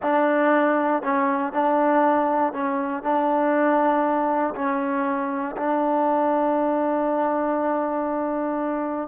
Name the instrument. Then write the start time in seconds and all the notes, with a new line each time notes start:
trombone
0.02 D4
1.02 C#4
1.52 D4
2.53 C#4
3.03 D4
4.55 C#4
5.56 D4